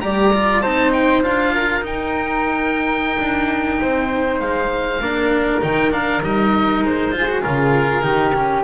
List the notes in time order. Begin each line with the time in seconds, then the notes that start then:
0.00 G3 G4 D5 A#5
0.33 F4
0.61 C4 D#4 C5 A5
0.92 G5
1.22 D4 F4 F5
1.54 A#4
1.81 D#4 G5
3.19 D4
3.81 C4 C5
4.40 G#3 F5
5.00 A#3 D4 A#4
5.61 D#3 D#4 G5
5.91 D4 F5
6.23 G3 D#4 D#5
6.82 G#3 C5
7.12 F4 G#4
7.28 F#4
7.42 C#3 F4 A#4
8.02 D#3 D#4 G4
8.34 C#4